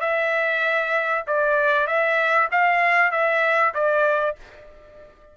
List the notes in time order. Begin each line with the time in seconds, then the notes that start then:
0.00 E5
1.27 D5
1.86 E5
2.51 F5
3.11 E5
3.74 D5